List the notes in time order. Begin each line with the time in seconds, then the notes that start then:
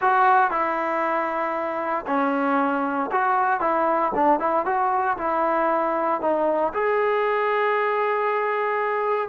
0.01 F#4
0.50 E4
2.06 C#4
3.11 F#4
3.60 E4
4.14 D4
4.39 E4
4.65 F#4
5.17 E4
6.21 D#4
6.73 G#4